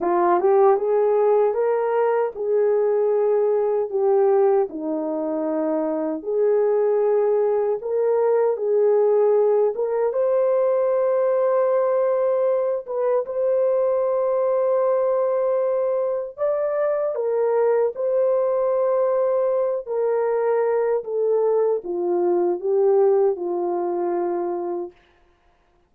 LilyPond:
\new Staff \with { instrumentName = "horn" } { \time 4/4 \tempo 4 = 77 f'8 g'8 gis'4 ais'4 gis'4~ | gis'4 g'4 dis'2 | gis'2 ais'4 gis'4~ | gis'8 ais'8 c''2.~ |
c''8 b'8 c''2.~ | c''4 d''4 ais'4 c''4~ | c''4. ais'4. a'4 | f'4 g'4 f'2 | }